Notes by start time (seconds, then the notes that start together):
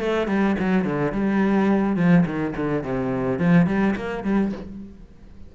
0.00 A3
0.28 G3
0.59 F#3
0.85 D3
1.12 G3
1.97 F3
2.26 D#3
2.57 D3
2.84 C3
3.40 F3
3.67 G3
3.96 A#3
4.24 G3